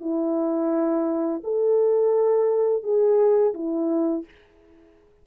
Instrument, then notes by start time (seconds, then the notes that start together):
horn
0.00 E4
1.43 A4
2.83 G#4
3.54 E4